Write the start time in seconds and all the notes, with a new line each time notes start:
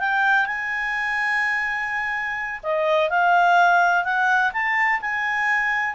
0.00 G5
0.47 G#5
2.64 D#5
3.10 F5
4.05 F#5
4.54 A5
5.02 G#5